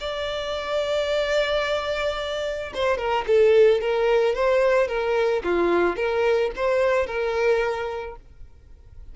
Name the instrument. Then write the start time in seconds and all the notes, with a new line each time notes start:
violin
0.00 D5
2.74 C5
2.97 A#4
3.27 A4
3.80 A#4
4.34 C5
4.87 A#4
5.43 F4
5.96 A#4
6.56 C5
7.06 A#4